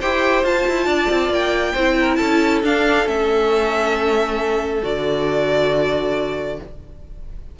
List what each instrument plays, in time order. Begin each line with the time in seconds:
0.00 cello E4, viola G4, violin C5 G5
0.44 cello F4, viola F4, violin A5
0.69 cello E4
0.86 cello D4, violin D5
1.10 cello C4
1.30 cello A#3, violin G5
1.74 cello C4, viola E4, violin C5
2.00 violin A#4
2.16 cello C#4, violin A4 A5
2.63 cello D4, viola D4, violin F5
3.05 cello A3, viola C#4, violin E5
4.83 cello D3, viola F#4, violin D5